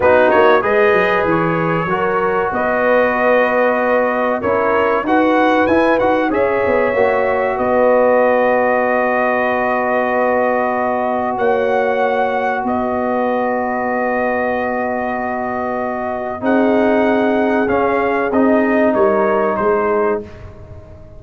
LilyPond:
<<
  \new Staff \with { instrumentName = "trumpet" } { \time 4/4 \tempo 4 = 95 b'8 cis''8 dis''4 cis''2 | dis''2. cis''4 | fis''4 gis''8 fis''8 e''2 | dis''1~ |
dis''2 fis''2 | dis''1~ | dis''2 fis''2 | f''4 dis''4 cis''4 c''4 | }
  \new Staff \with { instrumentName = "horn" } { \time 4/4 fis'4 b'2 ais'4 | b'2. ais'4 | b'2 cis''2 | b'1~ |
b'2 cis''2 | b'1~ | b'2 gis'2~ | gis'2 ais'4 gis'4 | }
  \new Staff \with { instrumentName = "trombone" } { \time 4/4 dis'4 gis'2 fis'4~ | fis'2. e'4 | fis'4 e'8 fis'8 gis'4 fis'4~ | fis'1~ |
fis'1~ | fis'1~ | fis'2 dis'2 | cis'4 dis'2. | }
  \new Staff \with { instrumentName = "tuba" } { \time 4/4 b8 ais8 gis8 fis8 e4 fis4 | b2. cis'4 | dis'4 e'8 dis'8 cis'8 b8 ais4 | b1~ |
b2 ais2 | b1~ | b2 c'2 | cis'4 c'4 g4 gis4 | }
>>